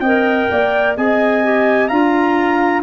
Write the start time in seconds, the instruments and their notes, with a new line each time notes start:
0.00 tuba C4, clarinet A#4, horn D#5, trumpet G5
0.51 tuba A#3, horn D5
0.97 tuba C4, clarinet G#4, horn D#5, trumpet G#5
1.43 clarinet G4
1.88 tuba D4, clarinet F4, horn F5, trumpet A#5